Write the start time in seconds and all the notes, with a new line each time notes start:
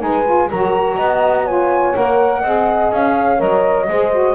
0.00 G#3 D#4 B4 G#5
0.25 F4
0.50 F#3 F#4 A#4 A#5
0.96 B3 D#5
1.45 F4 C#5 G#5
1.95 A#3 A#4 F#5
2.41 C4 G#4 D#5
2.92 C#4 F5
3.18 C#5
3.37 F#3 A#4 D#5
3.89 G#3 G#4 C5
4.12 F#4